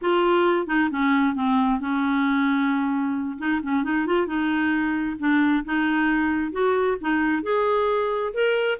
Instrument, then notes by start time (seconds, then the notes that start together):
clarinet
0.01 F4
0.66 D#4
0.90 C#4
1.35 C4
1.80 C#4
3.38 D#4
3.62 C#4
3.83 D#4
4.06 F4
4.26 D#4
5.19 D4
5.64 D#4
6.52 F#4
7.00 D#4
7.43 G#4
8.33 A#4